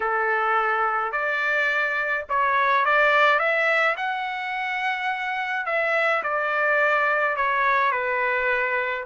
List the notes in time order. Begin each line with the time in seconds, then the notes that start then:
0.00 A4
1.12 D5
2.29 C#5
2.85 D5
3.39 E5
3.96 F#5
5.66 E5
6.23 D5
7.36 C#5
7.91 B4